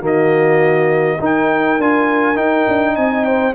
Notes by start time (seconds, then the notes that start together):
0.00 D#3 A#3 F#4
0.06 D#5
1.19 D#4 A#4
1.25 G5
1.78 D4 F4 G#5
2.35 D#4 G5
2.68 D4
2.96 C4 D#5 G#5
3.25 C5 G5